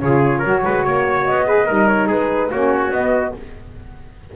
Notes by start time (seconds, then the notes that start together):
0.00 C#3 F4 G#4 C#5
0.39 F#3 F#4 A#4
0.64 G#3 B4
0.84 A#3 C#5
1.25 B3 D#5
1.46 G#4 B4
1.66 G3 D#4 A#4
1.88 C#5
2.07 G#3 G#4 B4
2.51 A#3 C#4 F#4 C#5
2.90 B3 D#5